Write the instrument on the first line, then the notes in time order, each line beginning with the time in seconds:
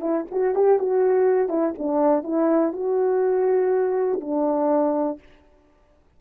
horn
0.00 E4
0.31 F#4
0.55 G4
0.79 F#4
1.49 E4
1.78 D4
2.23 E4
2.73 F#4
4.20 D4